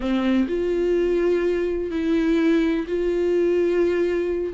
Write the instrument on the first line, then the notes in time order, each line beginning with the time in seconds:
viola
0.00 C4
0.48 F4
1.90 E4
2.87 F4